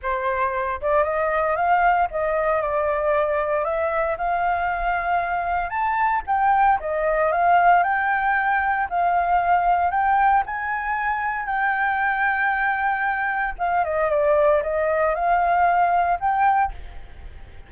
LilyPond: \new Staff \with { instrumentName = "flute" } { \time 4/4 \tempo 4 = 115 c''4. d''8 dis''4 f''4 | dis''4 d''2 e''4 | f''2. a''4 | g''4 dis''4 f''4 g''4~ |
g''4 f''2 g''4 | gis''2 g''2~ | g''2 f''8 dis''8 d''4 | dis''4 f''2 g''4 | }